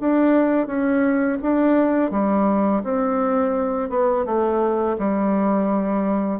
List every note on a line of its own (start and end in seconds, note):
0.00 0.67 D4
0.67 1.38 C#4
1.42 2.11 D4
2.11 2.82 G3
2.83 3.89 C4
3.89 4.25 B3
4.25 4.97 A3
4.98 6.40 G3